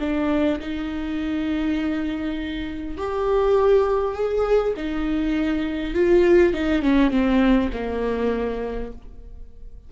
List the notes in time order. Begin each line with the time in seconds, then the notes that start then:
0.00 D4
0.60 D#4
2.98 G4
4.14 G#4
4.77 D#4
5.94 F4
6.54 D#4
6.82 C#4
7.11 C4
7.73 A#3